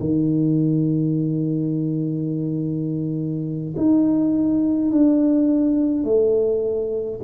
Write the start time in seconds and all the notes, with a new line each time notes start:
0.00 D#3
3.77 D#4
4.91 D4
6.04 A3